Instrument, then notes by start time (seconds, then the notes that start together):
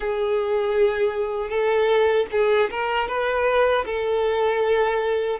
violin
0.00 G#4
1.49 A4
2.31 G#4
2.70 A#4
3.08 B4
3.85 A4